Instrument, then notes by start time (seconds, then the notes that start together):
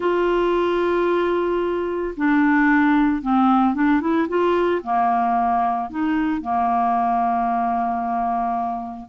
clarinet
0.00 F4
2.16 D4
3.22 C4
3.74 D4
4.01 E4
4.28 F4
4.83 A#3
5.90 D#4
6.41 A#3